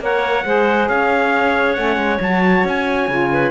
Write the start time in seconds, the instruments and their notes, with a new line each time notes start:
0.00 cello A#3, saxophone A#4, clarinet C#5, trumpet F#5
0.44 cello G#3, saxophone G#4, clarinet C5
0.88 cello C#4, clarinet C#5, trumpet F5
1.73 cello A3, saxophone C#4, trumpet F#5
1.96 cello G#3
2.20 cello F#3, saxophone F#4, trumpet A5
2.64 cello C#4, trumpet G#5
3.08 cello C#3, saxophone F4
3.32 clarinet B4